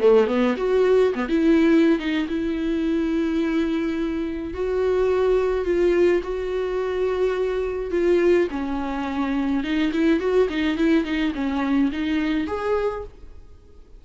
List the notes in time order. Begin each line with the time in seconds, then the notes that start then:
0.00 A3
0.27 B3
0.57 F#4
1.14 B3
1.29 E4
1.99 D#4
2.28 E4
4.54 F#4
5.65 F4
6.23 F#4
7.91 F4
8.51 C#4
9.64 D#4
9.92 E4
10.20 F#4
10.49 D#4
10.78 E4
11.05 D#4
11.34 C#4
11.92 D#4
12.47 G#4